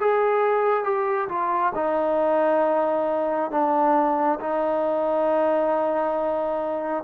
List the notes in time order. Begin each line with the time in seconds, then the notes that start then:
0.00 G#4
0.84 G4
1.29 F4
1.75 D#4
3.51 D4
4.40 D#4